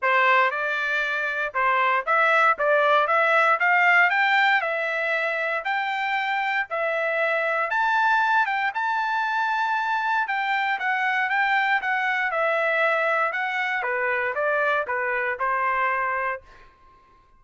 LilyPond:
\new Staff \with { instrumentName = "trumpet" } { \time 4/4 \tempo 4 = 117 c''4 d''2 c''4 | e''4 d''4 e''4 f''4 | g''4 e''2 g''4~ | g''4 e''2 a''4~ |
a''8 g''8 a''2. | g''4 fis''4 g''4 fis''4 | e''2 fis''4 b'4 | d''4 b'4 c''2 | }